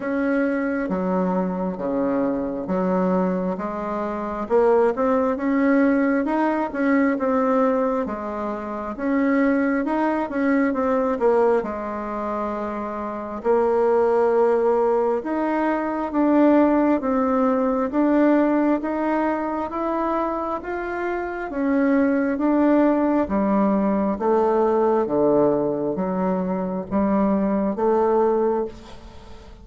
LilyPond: \new Staff \with { instrumentName = "bassoon" } { \time 4/4 \tempo 4 = 67 cis'4 fis4 cis4 fis4 | gis4 ais8 c'8 cis'4 dis'8 cis'8 | c'4 gis4 cis'4 dis'8 cis'8 | c'8 ais8 gis2 ais4~ |
ais4 dis'4 d'4 c'4 | d'4 dis'4 e'4 f'4 | cis'4 d'4 g4 a4 | d4 fis4 g4 a4 | }